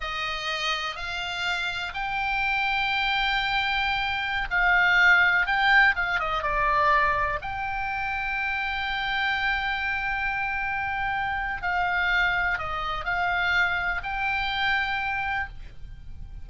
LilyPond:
\new Staff \with { instrumentName = "oboe" } { \time 4/4 \tempo 4 = 124 dis''2 f''2 | g''1~ | g''4~ g''16 f''2 g''8.~ | g''16 f''8 dis''8 d''2 g''8.~ |
g''1~ | g''1 | f''2 dis''4 f''4~ | f''4 g''2. | }